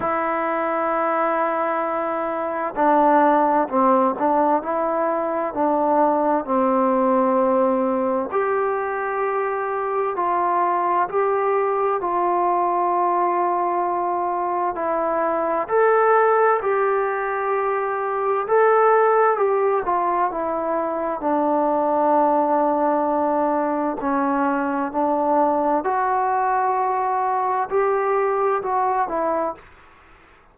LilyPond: \new Staff \with { instrumentName = "trombone" } { \time 4/4 \tempo 4 = 65 e'2. d'4 | c'8 d'8 e'4 d'4 c'4~ | c'4 g'2 f'4 | g'4 f'2. |
e'4 a'4 g'2 | a'4 g'8 f'8 e'4 d'4~ | d'2 cis'4 d'4 | fis'2 g'4 fis'8 e'8 | }